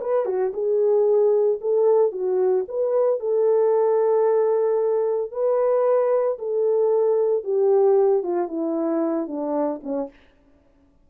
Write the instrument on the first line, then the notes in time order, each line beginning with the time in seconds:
horn
0.00 B4
0.25 F#4
0.53 G#4
1.61 A4
2.11 F#4
2.68 B4
3.20 A4
5.31 B4
6.38 A4
7.43 G4
8.23 F4
8.47 E4
9.27 D4
9.83 C#4